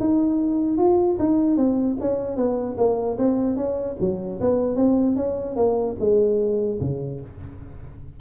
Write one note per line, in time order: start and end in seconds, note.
0.00 0.77 D#4
0.77 1.17 F4
1.19 1.57 D#4
1.57 1.97 C4
2.00 2.36 C#4
2.36 2.76 B3
2.77 3.17 A#3
3.18 3.56 C4
3.56 3.96 C#4
4.00 4.40 F#3
4.40 4.76 B3
4.76 5.16 C4
5.16 5.56 C#4
5.56 5.96 A#3
5.99 6.79 G#3
6.80 7.20 C#3